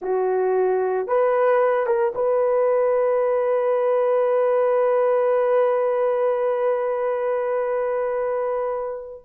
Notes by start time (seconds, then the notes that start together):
0.01 F#4
1.07 B4
1.86 A#4
2.14 B4